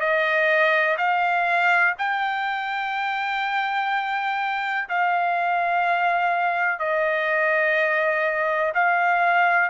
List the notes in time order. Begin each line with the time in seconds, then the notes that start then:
0.00 D#5
0.98 F5
1.98 G5
4.89 F5
6.79 D#5
8.74 F5